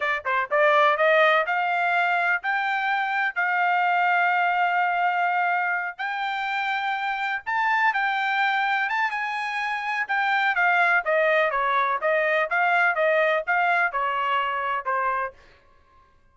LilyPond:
\new Staff \with { instrumentName = "trumpet" } { \time 4/4 \tempo 4 = 125 d''8 c''8 d''4 dis''4 f''4~ | f''4 g''2 f''4~ | f''1~ | f''8 g''2. a''8~ |
a''8 g''2 a''8 gis''4~ | gis''4 g''4 f''4 dis''4 | cis''4 dis''4 f''4 dis''4 | f''4 cis''2 c''4 | }